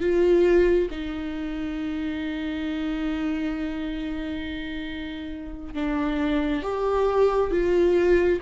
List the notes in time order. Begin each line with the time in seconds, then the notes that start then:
0.00 F4
0.90 D#4
5.74 D4
6.62 G4
7.51 F4